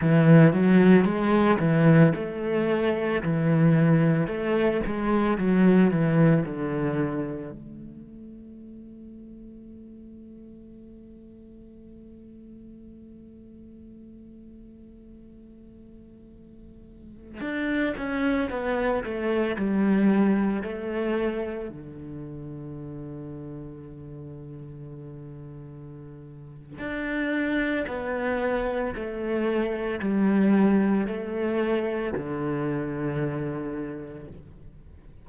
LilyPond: \new Staff \with { instrumentName = "cello" } { \time 4/4 \tempo 4 = 56 e8 fis8 gis8 e8 a4 e4 | a8 gis8 fis8 e8 d4 a4~ | a1~ | a1~ |
a16 d'8 cis'8 b8 a8 g4 a8.~ | a16 d2.~ d8.~ | d4 d'4 b4 a4 | g4 a4 d2 | }